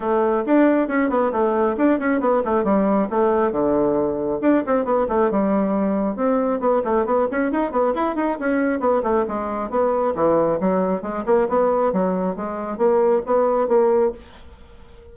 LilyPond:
\new Staff \with { instrumentName = "bassoon" } { \time 4/4 \tempo 4 = 136 a4 d'4 cis'8 b8 a4 | d'8 cis'8 b8 a8 g4 a4 | d2 d'8 c'8 b8 a8 | g2 c'4 b8 a8 |
b8 cis'8 dis'8 b8 e'8 dis'8 cis'4 | b8 a8 gis4 b4 e4 | fis4 gis8 ais8 b4 fis4 | gis4 ais4 b4 ais4 | }